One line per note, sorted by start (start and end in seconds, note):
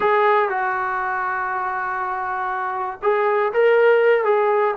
0.00 0.49 G#4
0.49 2.99 F#4
3.02 3.52 G#4
3.53 4.24 A#4
4.24 4.74 G#4